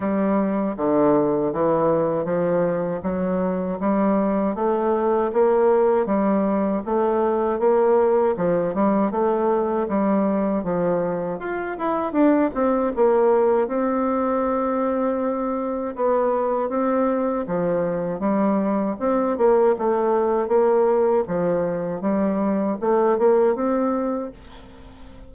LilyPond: \new Staff \with { instrumentName = "bassoon" } { \time 4/4 \tempo 4 = 79 g4 d4 e4 f4 | fis4 g4 a4 ais4 | g4 a4 ais4 f8 g8 | a4 g4 f4 f'8 e'8 |
d'8 c'8 ais4 c'2~ | c'4 b4 c'4 f4 | g4 c'8 ais8 a4 ais4 | f4 g4 a8 ais8 c'4 | }